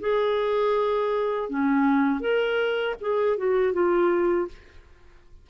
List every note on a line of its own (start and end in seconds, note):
0.00 1.49 G#4
1.49 2.20 C#4
2.20 2.95 A#4
3.00 3.37 G#4
3.37 3.73 F#4
3.73 4.48 F4